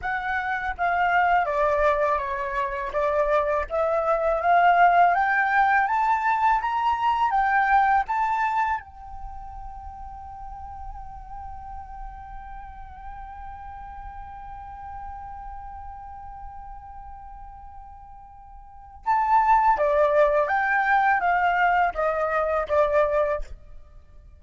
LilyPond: \new Staff \with { instrumentName = "flute" } { \time 4/4 \tempo 4 = 82 fis''4 f''4 d''4 cis''4 | d''4 e''4 f''4 g''4 | a''4 ais''4 g''4 a''4 | g''1~ |
g''1~ | g''1~ | g''2 a''4 d''4 | g''4 f''4 dis''4 d''4 | }